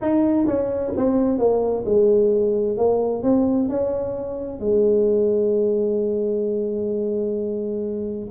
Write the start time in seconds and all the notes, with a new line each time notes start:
0.01 D#4
0.46 C#4
0.96 C4
1.38 A#3
1.85 G#3
2.77 A#3
3.22 C4
3.68 C#4
4.59 G#3